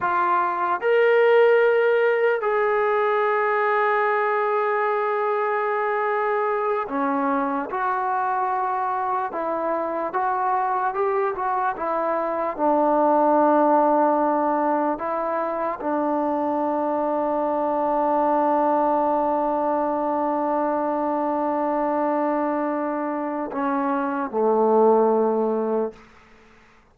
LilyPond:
\new Staff \with { instrumentName = "trombone" } { \time 4/4 \tempo 4 = 74 f'4 ais'2 gis'4~ | gis'1~ | gis'8 cis'4 fis'2 e'8~ | e'8 fis'4 g'8 fis'8 e'4 d'8~ |
d'2~ d'8 e'4 d'8~ | d'1~ | d'1~ | d'4 cis'4 a2 | }